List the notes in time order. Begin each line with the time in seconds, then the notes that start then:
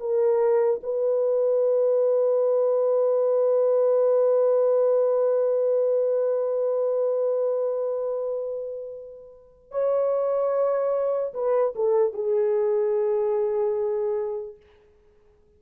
0.00 A#4
0.83 B4
9.71 C#5
11.34 B4
11.76 A4
12.14 G#4